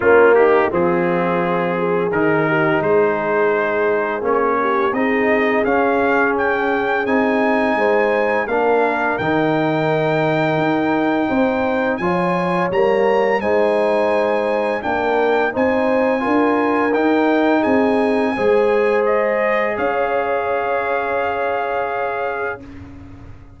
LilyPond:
<<
  \new Staff \with { instrumentName = "trumpet" } { \time 4/4 \tempo 4 = 85 f'8 g'8 gis'2 ais'4 | c''2 cis''4 dis''4 | f''4 g''4 gis''2 | f''4 g''2.~ |
g''4 gis''4 ais''4 gis''4~ | gis''4 g''4 gis''2 | g''4 gis''2 dis''4 | f''1 | }
  \new Staff \with { instrumentName = "horn" } { \time 4/4 cis'8 dis'8 f'4. gis'4 g'8 | gis'2~ gis'8 g'8 gis'4~ | gis'2. c''4 | ais'1 |
c''4 cis''2 c''4~ | c''4 ais'4 c''4 ais'4~ | ais'4 gis'4 c''2 | cis''1 | }
  \new Staff \with { instrumentName = "trombone" } { \time 4/4 ais4 c'2 dis'4~ | dis'2 cis'4 dis'4 | cis'2 dis'2 | d'4 dis'2.~ |
dis'4 f'4 ais4 dis'4~ | dis'4 d'4 dis'4 f'4 | dis'2 gis'2~ | gis'1 | }
  \new Staff \with { instrumentName = "tuba" } { \time 4/4 ais4 f2 dis4 | gis2 ais4 c'4 | cis'2 c'4 gis4 | ais4 dis2 dis'4 |
c'4 f4 g4 gis4~ | gis4 ais4 c'4 d'4 | dis'4 c'4 gis2 | cis'1 | }
>>